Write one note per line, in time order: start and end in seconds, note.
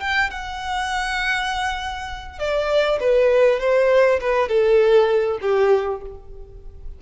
0.00 0.30 G5
0.30 2.39 F#5
2.39 2.99 D5
3.00 3.59 B4
3.59 4.19 C5
4.21 4.49 B4
4.49 5.39 A4
5.41 6.01 G4